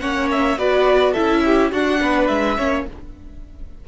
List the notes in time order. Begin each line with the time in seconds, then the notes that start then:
0.00 A#3 C#4 C#5 F#5
0.31 E5
0.58 B3 F#4 B4 D5
1.12 E4 A4 E5
1.19 C#4
1.45 G4
1.72 D4 F#4 F#5
2.00 B3 B4
2.27 G#3 E5
2.57 A#3 C#4 C#5